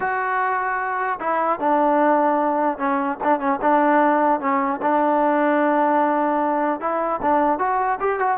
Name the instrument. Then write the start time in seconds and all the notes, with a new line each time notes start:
trombone
0.00 F#4
1.20 E4
1.59 D4
2.78 C#4
3.23 D4
3.39 C#4
3.61 D4
4.40 C#4
4.82 D4
6.80 E4
7.21 D4
7.59 F#4
7.99 G4
8.19 F#4